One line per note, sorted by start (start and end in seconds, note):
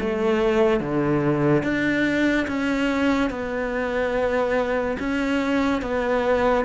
0.00 0.80 A3
0.80 1.63 D3
1.63 2.47 D4
2.47 3.30 C#4
3.30 4.97 B3
4.99 5.82 C#4
5.82 6.65 B3